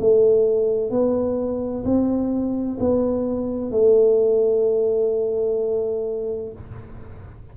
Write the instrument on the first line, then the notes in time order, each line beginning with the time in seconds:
tuba
0.00 A3
0.90 B3
1.85 C4
2.80 B3
3.71 A3